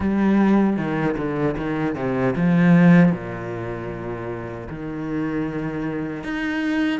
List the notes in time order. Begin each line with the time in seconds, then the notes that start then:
0.00 G3
0.77 D#3
1.17 D3
1.57 D#3
1.95 C3
2.36 F3
3.12 A#2
4.69 D#3
6.23 D#4